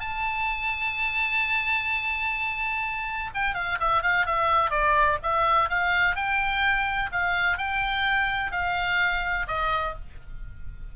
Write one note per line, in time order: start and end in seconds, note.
0.00 3.31 A5
3.35 3.55 G5
3.55 3.78 F5
3.80 4.02 E5
4.02 4.26 F5
4.26 4.71 E5
4.71 5.18 D5
5.23 5.69 E5
5.69 6.16 F5
6.16 7.10 G5
7.12 7.58 F5
7.58 8.52 G5
8.52 9.46 F5
9.48 9.95 D#5